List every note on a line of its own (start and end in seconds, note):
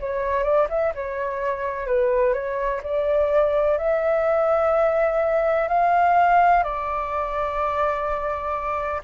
0.00 0.43 C#5
0.43 0.67 D5
0.69 0.93 E5
0.95 1.87 C#5
1.87 2.33 B4
2.33 2.81 C#5
2.83 3.78 D5
3.78 5.68 E5
5.68 6.64 F5
6.64 9.02 D5